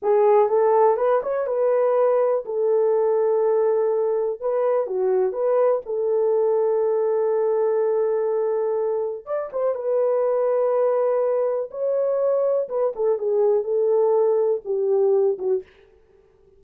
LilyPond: \new Staff \with { instrumentName = "horn" } { \time 4/4 \tempo 4 = 123 gis'4 a'4 b'8 cis''8 b'4~ | b'4 a'2.~ | a'4 b'4 fis'4 b'4 | a'1~ |
a'2. d''8 c''8 | b'1 | cis''2 b'8 a'8 gis'4 | a'2 g'4. fis'8 | }